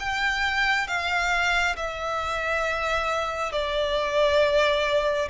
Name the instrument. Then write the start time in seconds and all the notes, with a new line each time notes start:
violin
0.00 G5
0.88 F5
1.76 E5
3.53 D5